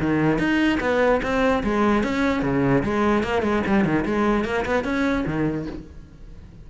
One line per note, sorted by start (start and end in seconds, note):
0.00 0.38 D#3
0.38 0.79 D#4
0.80 1.21 B3
1.22 1.63 C4
1.63 2.03 G#3
2.03 2.42 C#4
2.42 2.82 C#3
2.83 3.23 G#3
3.23 3.42 A#3
3.42 3.62 G#3
3.66 3.84 G3
3.84 4.04 D#3
4.05 4.44 G#3
4.44 4.64 A#3
4.65 4.84 B3
4.84 5.24 C#4
5.26 5.66 D#3